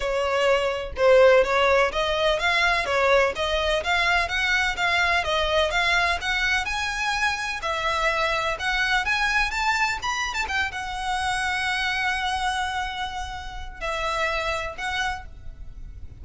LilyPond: \new Staff \with { instrumentName = "violin" } { \time 4/4 \tempo 4 = 126 cis''2 c''4 cis''4 | dis''4 f''4 cis''4 dis''4 | f''4 fis''4 f''4 dis''4 | f''4 fis''4 gis''2 |
e''2 fis''4 gis''4 | a''4 b''8. a''16 g''8 fis''4.~ | fis''1~ | fis''4 e''2 fis''4 | }